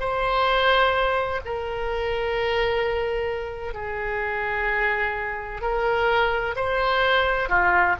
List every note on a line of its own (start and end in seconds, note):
0.00 1.41 C5
1.45 3.74 A#4
3.74 5.61 G#4
5.61 6.55 A#4
6.56 7.49 C5
7.49 7.96 F4